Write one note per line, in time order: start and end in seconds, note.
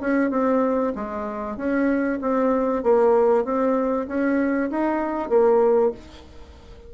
0.00 0.30 C#4
0.30 0.93 C4
0.95 1.56 G#3
1.56 2.19 C#4
2.21 2.83 C4
2.83 3.44 A#3
3.44 4.07 C4
4.07 4.70 C#4
4.70 5.29 D#4
5.29 5.91 A#3